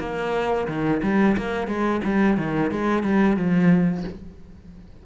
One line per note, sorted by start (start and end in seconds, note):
0.00 0.67 A#3
0.68 1.01 D#3
1.03 1.37 G3
1.38 1.67 A#3
1.67 2.01 G#3
2.04 2.38 G3
2.38 2.71 D#3
2.71 3.03 G#3
3.03 3.36 G3
3.36 4.04 F3